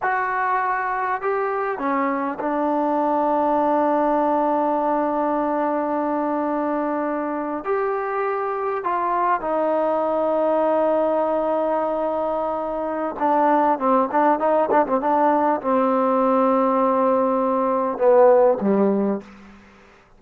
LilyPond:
\new Staff \with { instrumentName = "trombone" } { \time 4/4 \tempo 4 = 100 fis'2 g'4 cis'4 | d'1~ | d'1~ | d'8. g'2 f'4 dis'16~ |
dis'1~ | dis'2 d'4 c'8 d'8 | dis'8 d'16 c'16 d'4 c'2~ | c'2 b4 g4 | }